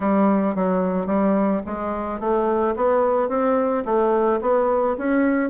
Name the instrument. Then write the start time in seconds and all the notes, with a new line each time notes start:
bassoon
0.00 G3
0.55 F#3
1.06 G3
1.66 G#3
2.19 A3
2.75 B3
3.29 C4
3.85 A3
4.41 B3
4.98 C#4